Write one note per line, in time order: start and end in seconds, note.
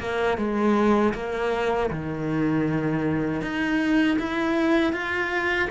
0.00 0.38 A#3
0.38 1.14 G#3
1.14 1.90 A#3
1.91 3.42 D#3
3.42 4.18 D#4
4.19 4.93 E4
4.93 5.69 F4